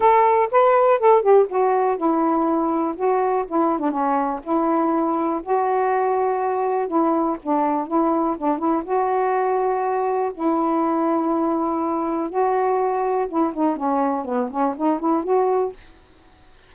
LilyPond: \new Staff \with { instrumentName = "saxophone" } { \time 4/4 \tempo 4 = 122 a'4 b'4 a'8 g'8 fis'4 | e'2 fis'4 e'8. d'16 | cis'4 e'2 fis'4~ | fis'2 e'4 d'4 |
e'4 d'8 e'8 fis'2~ | fis'4 e'2.~ | e'4 fis'2 e'8 dis'8 | cis'4 b8 cis'8 dis'8 e'8 fis'4 | }